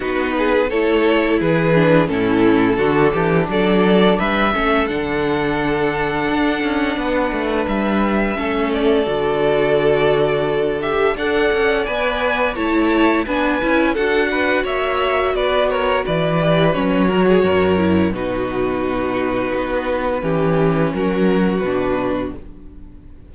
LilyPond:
<<
  \new Staff \with { instrumentName = "violin" } { \time 4/4 \tempo 4 = 86 b'4 cis''4 b'4 a'4~ | a'4 d''4 e''4 fis''4~ | fis''2. e''4~ | e''8 d''2. e''8 |
fis''4 gis''4 a''4 gis''4 | fis''4 e''4 d''8 cis''8 d''4 | cis''2 b'2~ | b'2 ais'4 b'4 | }
  \new Staff \with { instrumentName = "violin" } { \time 4/4 fis'8 gis'8 a'4 gis'4 e'4 | fis'8 g'8 a'4 b'8 a'4.~ | a'2 b'2 | a'1 |
d''2 cis''4 b'4 | a'8 b'8 cis''4 b'8 ais'8 b'4~ | b'8 ais'16 gis'16 ais'4 fis'2~ | fis'4 g'4 fis'2 | }
  \new Staff \with { instrumentName = "viola" } { \time 4/4 dis'4 e'4. d'8 cis'4 | d'2~ d'8 cis'8 d'4~ | d'1 | cis'4 fis'2~ fis'8 g'8 |
a'4 b'4 e'4 d'8 e'8 | fis'2.~ fis'8 g'8 | cis'8 fis'4 e'8 dis'2~ | dis'4 cis'2 d'4 | }
  \new Staff \with { instrumentName = "cello" } { \time 4/4 b4 a4 e4 a,4 | d8 e8 fis4 g8 a8 d4~ | d4 d'8 cis'8 b8 a8 g4 | a4 d2. |
d'8 cis'8 b4 a4 b8 cis'8 | d'4 ais4 b4 e4 | fis4 fis,4 b,2 | b4 e4 fis4 b,4 | }
>>